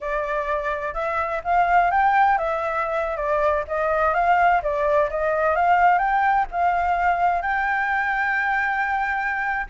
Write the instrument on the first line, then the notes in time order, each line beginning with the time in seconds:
flute
0.00 D5
0.94 E5
1.44 F5
1.90 G5
2.38 E5
3.17 D5
3.67 D#5
4.14 F5
4.62 D5
5.10 D#5
5.55 F5
5.98 G5
6.51 F5
7.42 G5